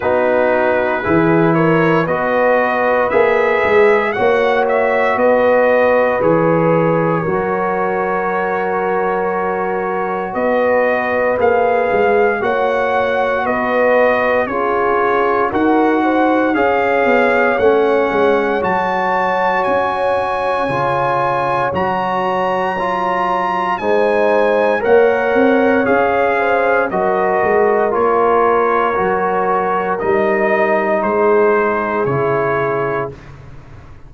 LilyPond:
<<
  \new Staff \with { instrumentName = "trumpet" } { \time 4/4 \tempo 4 = 58 b'4. cis''8 dis''4 e''4 | fis''8 e''8 dis''4 cis''2~ | cis''2 dis''4 f''4 | fis''4 dis''4 cis''4 fis''4 |
f''4 fis''4 a''4 gis''4~ | gis''4 ais''2 gis''4 | fis''4 f''4 dis''4 cis''4~ | cis''4 dis''4 c''4 cis''4 | }
  \new Staff \with { instrumentName = "horn" } { \time 4/4 fis'4 gis'8 ais'8 b'2 | cis''4 b'2 ais'4~ | ais'2 b'2 | cis''4 b'4 gis'4 ais'8 c''8 |
cis''1~ | cis''2. c''4 | cis''4. c''8 ais'2~ | ais'2 gis'2 | }
  \new Staff \with { instrumentName = "trombone" } { \time 4/4 dis'4 e'4 fis'4 gis'4 | fis'2 gis'4 fis'4~ | fis'2. gis'4 | fis'2 f'4 fis'4 |
gis'4 cis'4 fis'2 | f'4 fis'4 f'4 dis'4 | ais'4 gis'4 fis'4 f'4 | fis'4 dis'2 e'4 | }
  \new Staff \with { instrumentName = "tuba" } { \time 4/4 b4 e4 b4 ais8 gis8 | ais4 b4 e4 fis4~ | fis2 b4 ais8 gis8 | ais4 b4 cis'4 dis'4 |
cis'8 b8 a8 gis8 fis4 cis'4 | cis4 fis2 gis4 | ais8 c'8 cis'4 fis8 gis8 ais4 | fis4 g4 gis4 cis4 | }
>>